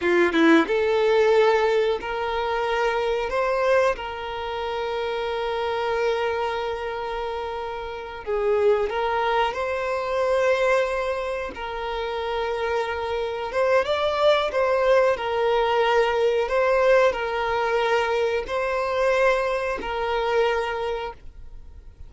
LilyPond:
\new Staff \with { instrumentName = "violin" } { \time 4/4 \tempo 4 = 91 f'8 e'8 a'2 ais'4~ | ais'4 c''4 ais'2~ | ais'1~ | ais'8 gis'4 ais'4 c''4.~ |
c''4. ais'2~ ais'8~ | ais'8 c''8 d''4 c''4 ais'4~ | ais'4 c''4 ais'2 | c''2 ais'2 | }